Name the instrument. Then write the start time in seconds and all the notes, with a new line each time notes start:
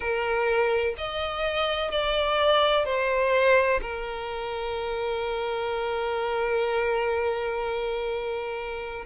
violin
0.00 A#4
0.97 D#5
1.90 D5
2.85 C5
3.81 A#4